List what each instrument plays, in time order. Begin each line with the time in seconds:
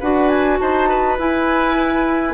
0.00 bassoon D4, clarinet F#4, oboe B4, flute F#5
0.29 flute G#5
0.59 bassoon D#4, oboe C5, flute A5
0.89 oboe B4
1.19 bassoon E4, clarinet E4, flute G#5